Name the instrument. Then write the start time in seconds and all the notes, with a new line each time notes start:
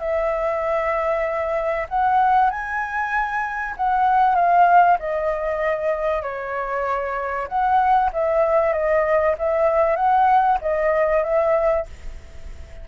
flute
0.00 E5
1.89 F#5
2.51 G#5
3.77 F#5
4.36 F5
5.00 D#5
6.23 C#5
7.49 F#5
8.14 E5
8.73 D#5
9.39 E5
9.97 F#5
10.62 D#5
11.24 E5